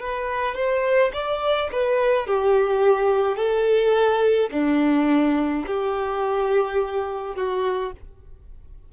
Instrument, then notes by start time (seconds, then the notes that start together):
violin
0.00 B4
0.55 C5
1.13 D5
1.72 B4
2.27 G4
3.36 A4
4.52 D4
5.67 G4
7.35 F#4